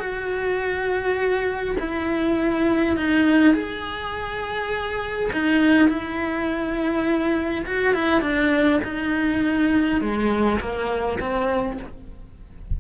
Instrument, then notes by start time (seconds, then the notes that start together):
cello
0.00 F#4
1.80 E4
2.97 D#4
3.54 G#4
5.33 D#4
5.89 E4
7.66 F#4
7.94 E4
8.22 D4
8.84 D#4
10.01 G#3
10.60 A#3
11.20 C4